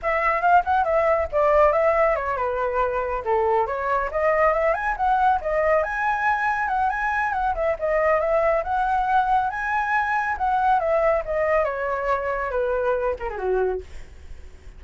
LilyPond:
\new Staff \with { instrumentName = "flute" } { \time 4/4 \tempo 4 = 139 e''4 f''8 fis''8 e''4 d''4 | e''4 cis''8 b'2 a'8~ | a'8 cis''4 dis''4 e''8 gis''8 fis''8~ | fis''8 dis''4 gis''2 fis''8 |
gis''4 fis''8 e''8 dis''4 e''4 | fis''2 gis''2 | fis''4 e''4 dis''4 cis''4~ | cis''4 b'4. ais'16 gis'16 fis'4 | }